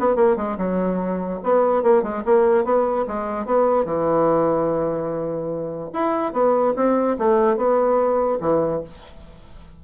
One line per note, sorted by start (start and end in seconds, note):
0.00 0.16 B3
0.16 0.37 A#3
0.37 0.57 G#3
0.58 1.40 F#3
1.43 1.83 B3
1.83 2.03 A#3
2.03 2.24 G#3
2.25 2.65 A#3
2.65 3.06 B3
3.08 3.46 G#3
3.46 3.85 B3
3.85 5.91 E3
5.93 6.33 E4
6.33 6.74 B3
6.76 7.17 C4
7.18 7.57 A3
7.57 8.39 B3
8.41 8.82 E3